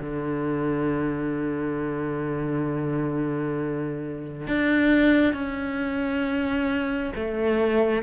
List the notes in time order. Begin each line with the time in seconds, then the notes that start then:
0.00 D3
4.47 D4
5.34 C#4
7.16 A3